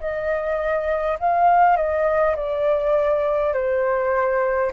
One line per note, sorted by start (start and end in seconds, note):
0.00 1.18 D#5
1.19 1.76 F5
1.76 2.35 D#5
2.36 3.53 D5
3.53 4.71 C5